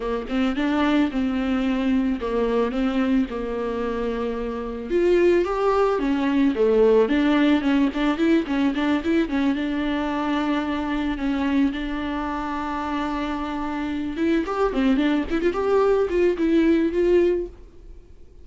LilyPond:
\new Staff \with { instrumentName = "viola" } { \time 4/4 \tempo 4 = 110 ais8 c'8 d'4 c'2 | ais4 c'4 ais2~ | ais4 f'4 g'4 cis'4 | a4 d'4 cis'8 d'8 e'8 cis'8 |
d'8 e'8 cis'8 d'2~ d'8~ | d'8 cis'4 d'2~ d'8~ | d'2 e'8 g'8 c'8 d'8 | e'16 f'16 g'4 f'8 e'4 f'4 | }